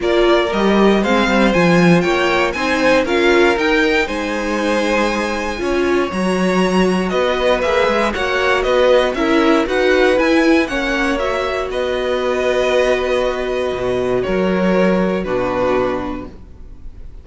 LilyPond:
<<
  \new Staff \with { instrumentName = "violin" } { \time 4/4 \tempo 4 = 118 d''4 dis''4 f''4 gis''4 | g''4 gis''4 f''4 g''4 | gis''1 | ais''2 dis''4 e''4 |
fis''4 dis''4 e''4 fis''4 | gis''4 fis''4 e''4 dis''4~ | dis''1 | cis''2 b'2 | }
  \new Staff \with { instrumentName = "violin" } { \time 4/4 ais'2 c''2 | cis''4 c''4 ais'2 | c''2. cis''4~ | cis''2 b'2 |
cis''4 b'4 ais'4 b'4~ | b'4 cis''2 b'4~ | b'1 | ais'2 fis'2 | }
  \new Staff \with { instrumentName = "viola" } { \time 4/4 f'4 g'4 c'4 f'4~ | f'4 dis'4 f'4 dis'4~ | dis'2. f'4 | fis'2. gis'4 |
fis'2 e'4 fis'4 | e'4 cis'4 fis'2~ | fis'1~ | fis'2 d'2 | }
  \new Staff \with { instrumentName = "cello" } { \time 4/4 ais4 g4 gis8 g8 f4 | ais4 c'4 cis'4 dis'4 | gis2. cis'4 | fis2 b4 ais8 gis8 |
ais4 b4 cis'4 dis'4 | e'4 ais2 b4~ | b2. b,4 | fis2 b,2 | }
>>